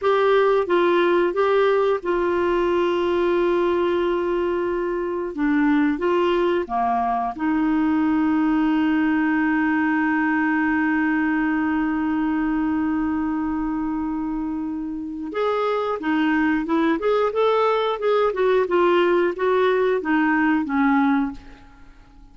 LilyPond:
\new Staff \with { instrumentName = "clarinet" } { \time 4/4 \tempo 4 = 90 g'4 f'4 g'4 f'4~ | f'1 | d'4 f'4 ais4 dis'4~ | dis'1~ |
dis'1~ | dis'2. gis'4 | dis'4 e'8 gis'8 a'4 gis'8 fis'8 | f'4 fis'4 dis'4 cis'4 | }